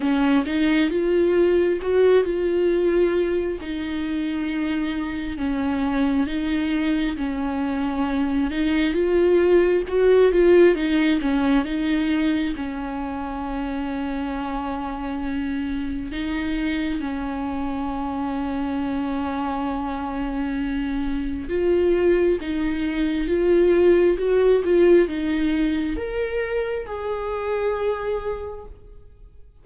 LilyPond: \new Staff \with { instrumentName = "viola" } { \time 4/4 \tempo 4 = 67 cis'8 dis'8 f'4 fis'8 f'4. | dis'2 cis'4 dis'4 | cis'4. dis'8 f'4 fis'8 f'8 | dis'8 cis'8 dis'4 cis'2~ |
cis'2 dis'4 cis'4~ | cis'1 | f'4 dis'4 f'4 fis'8 f'8 | dis'4 ais'4 gis'2 | }